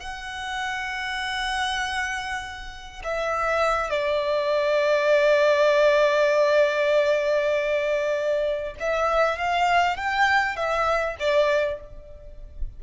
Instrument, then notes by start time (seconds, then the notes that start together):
violin
0.00 F#5
3.04 E5
3.90 D5
8.80 E5
9.39 F5
9.97 G5
10.57 E5
11.20 D5